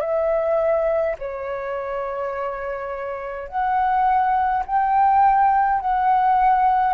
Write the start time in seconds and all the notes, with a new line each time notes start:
0.00 E5
1.18 C#5
3.48 F#5
4.65 G5
5.80 F#5